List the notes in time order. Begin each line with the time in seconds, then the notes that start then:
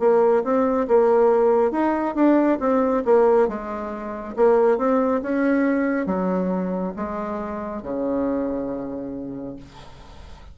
0.00 A#3
0.44 C4
0.89 A#3
1.72 D#4
2.15 D4
2.60 C4
3.06 A#3
3.49 G#3
4.37 A#3
4.78 C4
5.23 C#4
6.07 F#3
6.96 G#3
7.83 C#3